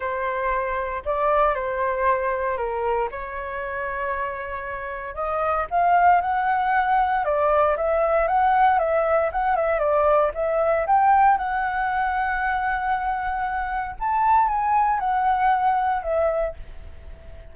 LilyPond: \new Staff \with { instrumentName = "flute" } { \time 4/4 \tempo 4 = 116 c''2 d''4 c''4~ | c''4 ais'4 cis''2~ | cis''2 dis''4 f''4 | fis''2 d''4 e''4 |
fis''4 e''4 fis''8 e''8 d''4 | e''4 g''4 fis''2~ | fis''2. a''4 | gis''4 fis''2 e''4 | }